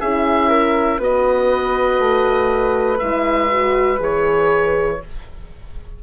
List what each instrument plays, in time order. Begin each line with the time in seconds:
0.00 bassoon C#4, horn E4, flute G#4, oboe E5
0.49 flute A#4
0.99 bassoon B3, horn F#4, flute B4, oboe D#5
1.99 bassoon A3
2.99 bassoon G#3, horn E4, oboe E5
3.52 horn F#4
3.99 bassoon E3, horn G#4, oboe C#5